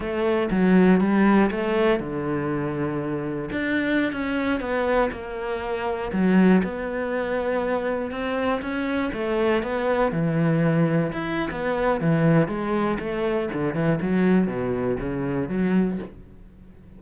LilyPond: \new Staff \with { instrumentName = "cello" } { \time 4/4 \tempo 4 = 120 a4 fis4 g4 a4 | d2. d'4~ | d'16 cis'4 b4 ais4.~ ais16~ | ais16 fis4 b2~ b8.~ |
b16 c'4 cis'4 a4 b8.~ | b16 e2 e'8. b4 | e4 gis4 a4 d8 e8 | fis4 b,4 cis4 fis4 | }